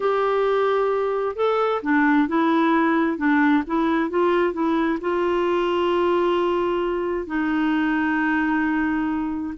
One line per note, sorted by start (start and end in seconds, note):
0.00 1.36 G4
1.36 1.81 A4
1.82 2.27 D4
2.27 3.17 E4
3.17 3.63 D4
3.66 4.10 E4
4.10 4.53 F4
4.53 4.98 E4
5.00 7.26 F4
7.26 9.54 D#4